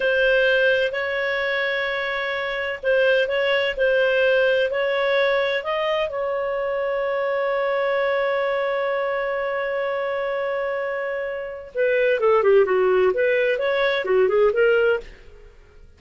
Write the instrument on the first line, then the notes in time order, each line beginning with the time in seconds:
clarinet
0.00 C5
0.92 C#5
2.82 C5
3.28 C#5
3.76 C5
4.70 C#5
5.63 D#5
6.09 C#5
11.74 B4
12.20 A4
12.43 G4
12.65 F#4
13.13 B4
13.58 C#5
14.05 F#4
14.28 G#4
14.52 A#4